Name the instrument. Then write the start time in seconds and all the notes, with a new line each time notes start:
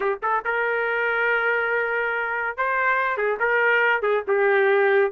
trumpet
0.00 G4
0.22 A4
0.44 A#4
2.57 C5
3.17 G#4
3.39 A#4
4.02 G#4
4.27 G4